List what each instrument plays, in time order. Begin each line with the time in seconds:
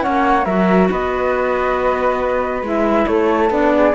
0.00 clarinet C#4, flute C#5 F#5
0.06 cello A#3
0.45 cello F#3, clarinet F#4, flute A#4 E5
0.90 cello B3, flute B4 D#5
2.62 cello G#3, clarinet E4, flute E5
3.07 cello A3, flute A4 C#5
3.50 cello B3, clarinet D4, flute D5
3.74 flute G#4